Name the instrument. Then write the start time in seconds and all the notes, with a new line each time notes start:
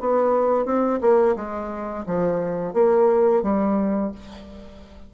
bassoon
0.00 B3
0.65 C4
1.01 A#3
1.36 G#3
2.06 F3
2.73 A#3
3.43 G3